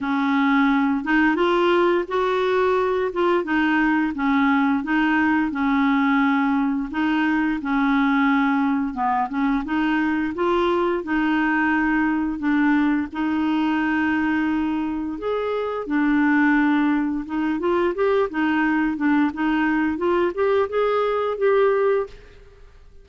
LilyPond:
\new Staff \with { instrumentName = "clarinet" } { \time 4/4 \tempo 4 = 87 cis'4. dis'8 f'4 fis'4~ | fis'8 f'8 dis'4 cis'4 dis'4 | cis'2 dis'4 cis'4~ | cis'4 b8 cis'8 dis'4 f'4 |
dis'2 d'4 dis'4~ | dis'2 gis'4 d'4~ | d'4 dis'8 f'8 g'8 dis'4 d'8 | dis'4 f'8 g'8 gis'4 g'4 | }